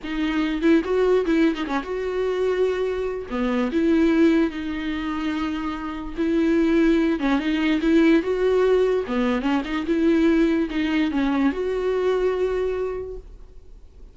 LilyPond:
\new Staff \with { instrumentName = "viola" } { \time 4/4 \tempo 4 = 146 dis'4. e'8 fis'4 e'8. dis'16 | cis'8 fis'2.~ fis'8 | b4 e'2 dis'4~ | dis'2. e'4~ |
e'4. cis'8 dis'4 e'4 | fis'2 b4 cis'8 dis'8 | e'2 dis'4 cis'4 | fis'1 | }